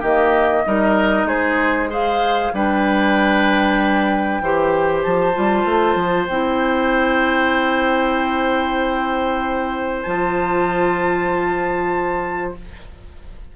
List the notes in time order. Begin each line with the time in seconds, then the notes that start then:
0.00 D#3 A#3 G4 D#5
0.66 G3 D#4 A#4
1.25 G#3 G#4 C5
1.90 G#4 C5 F5
2.54 G3 D4 B4 G5
4.41 E3 G4 C5
5.02 F3 A5
5.33 G3 F4
5.65 A3
5.95 F3
6.27 C4 E4 G5
10.02 F3 F4 A5